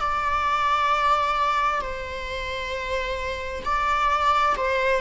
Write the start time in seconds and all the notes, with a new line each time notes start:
0.00 D5
1.81 C5
3.64 D5
4.57 C5